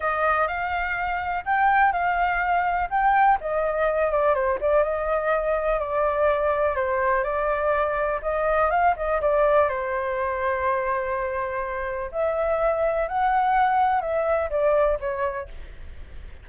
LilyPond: \new Staff \with { instrumentName = "flute" } { \time 4/4 \tempo 4 = 124 dis''4 f''2 g''4 | f''2 g''4 dis''4~ | dis''8 d''8 c''8 d''8 dis''2 | d''2 c''4 d''4~ |
d''4 dis''4 f''8 dis''8 d''4 | c''1~ | c''4 e''2 fis''4~ | fis''4 e''4 d''4 cis''4 | }